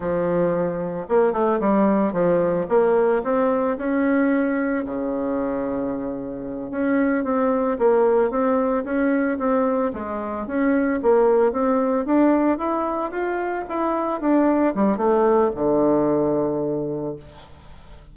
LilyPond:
\new Staff \with { instrumentName = "bassoon" } { \time 4/4 \tempo 4 = 112 f2 ais8 a8 g4 | f4 ais4 c'4 cis'4~ | cis'4 cis2.~ | cis8 cis'4 c'4 ais4 c'8~ |
c'8 cis'4 c'4 gis4 cis'8~ | cis'8 ais4 c'4 d'4 e'8~ | e'8 f'4 e'4 d'4 g8 | a4 d2. | }